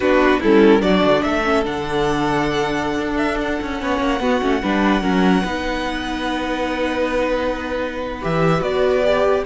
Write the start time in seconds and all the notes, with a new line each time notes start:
0.00 B3 D4 F#4 B4
0.40 G3 C#4 E4 A4
0.80 F#3 D4 F#4 D5
1.03 D3
1.22 A3 A4 E5
1.44 C#4
1.64 D3 D4 F#5
2.99 D4
3.17 E5
3.40 F#5
3.61 C#4
3.77 B3 C#4 C#5
3.99 A#3
4.20 B3 F#4
4.41 A3 C#4
4.62 G3 D4 B4
5.01 F#3 C#4 A#4
5.43 B3 D#4 B4
8.21 E3 G4 E5
8.61 B3 F#4 D5
9.04 G4